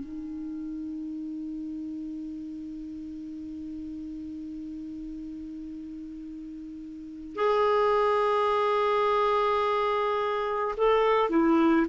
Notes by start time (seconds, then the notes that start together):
0.00 D#4
7.36 G#4
10.77 A4
11.30 E4